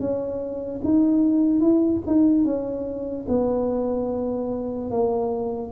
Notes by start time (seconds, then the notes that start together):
0.00 C#4
0.84 D#4
1.60 E4
2.07 D#4
2.45 C#4
3.28 B3
4.91 A#3